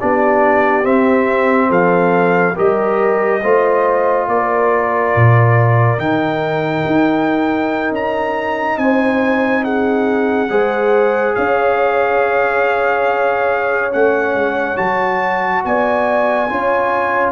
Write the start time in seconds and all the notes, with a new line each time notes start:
0.00 B3 D4 G4 D5
0.82 C4 E5
1.69 F3 A4 F5
2.54 G3 G4 A#4 D#5
3.42 A3 F4 C5
4.28 A#3 A#4 D5
5.15 A#2
5.98 D#3 D#4 G5
6.86 D#4
7.91 C#4 A#5
8.77 C4 C5 G#5
9.64 G#4 F#5
10.49 G#3 G#4 C5
11.35 C#4 C#5 F5
13.91 A3 C#4 F#5
14.35 G#3
14.76 F#3 F#4 A5
15.64 B3 D5 G#5
16.49 C#4 F4 C#5